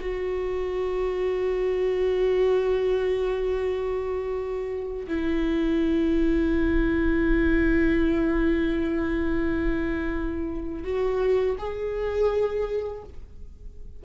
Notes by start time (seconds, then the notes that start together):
0.00 F#4
5.07 E4
10.83 F#4
11.58 G#4